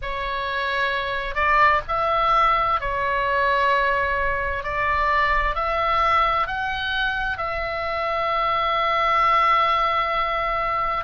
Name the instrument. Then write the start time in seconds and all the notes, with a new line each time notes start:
oboe
0.02 C#5
1.34 D5
1.88 E5
2.80 C#5
4.63 D5
5.55 E5
6.47 F#5
7.37 E5